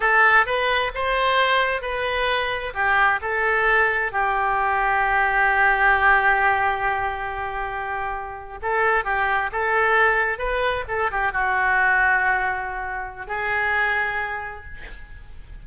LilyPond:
\new Staff \with { instrumentName = "oboe" } { \time 4/4 \tempo 4 = 131 a'4 b'4 c''2 | b'2 g'4 a'4~ | a'4 g'2.~ | g'1~ |
g'2~ g'8. a'4 g'16~ | g'8. a'2 b'4 a'16~ | a'16 g'8 fis'2.~ fis'16~ | fis'4 gis'2. | }